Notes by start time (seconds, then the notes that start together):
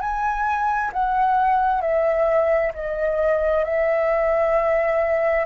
0.00 G#5
0.92 F#5
1.81 E5
2.74 D#5
3.64 E5